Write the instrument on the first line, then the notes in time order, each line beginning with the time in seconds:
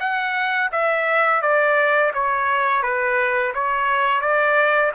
trumpet
0.00 F#5
0.72 E5
1.42 D5
2.14 C#5
2.83 B4
3.54 C#5
4.21 D5